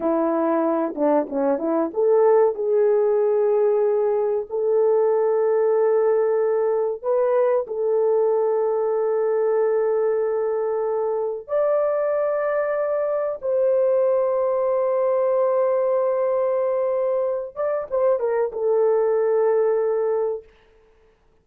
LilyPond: \new Staff \with { instrumentName = "horn" } { \time 4/4 \tempo 4 = 94 e'4. d'8 cis'8 e'8 a'4 | gis'2. a'4~ | a'2. b'4 | a'1~ |
a'2 d''2~ | d''4 c''2.~ | c''2.~ c''8 d''8 | c''8 ais'8 a'2. | }